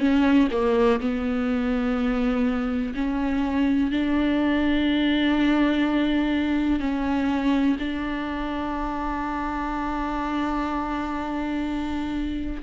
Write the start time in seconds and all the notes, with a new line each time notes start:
0.00 C#4
0.51 A#3
1.00 B3
2.95 C#4
3.91 D4
6.80 C#4
7.79 D4